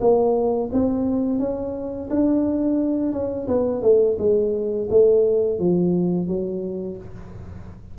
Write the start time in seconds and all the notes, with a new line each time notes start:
0.00 A#3
0.72 C4
1.39 C#4
2.10 D4
3.12 C#4
3.48 B3
3.82 A3
4.18 G#3
4.90 A3
5.59 F3
6.27 F#3